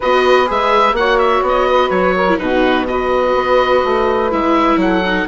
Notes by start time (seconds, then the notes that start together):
0.00 B3 F#4 B4 D#5
0.46 G#3 G#4 E5
0.92 A#3 C#5 F#5
0.99 F#4
1.18 E5
1.42 B3
1.48 D#5
1.69 B4
1.90 F#3 C#5
2.15 A#4
2.29 E4
2.37 B2 D#4 F#4 B4
2.87 F#4 B4 D#5
3.35 B3
3.84 A3
4.30 G#3 E4 E5
4.76 F#3 A4 F#5
5.05 D#4